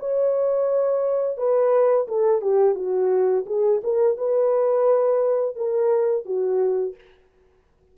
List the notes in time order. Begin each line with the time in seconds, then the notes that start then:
0.00 C#5
1.38 B4
2.08 A4
2.42 G4
2.76 F#4
3.47 G#4
3.84 A#4
4.18 B4
5.56 A#4
6.26 F#4